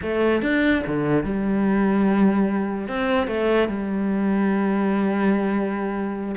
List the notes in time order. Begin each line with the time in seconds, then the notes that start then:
0.02 A3
0.41 D4
0.86 D3
1.24 G3
2.87 C4
3.27 A3
3.68 G3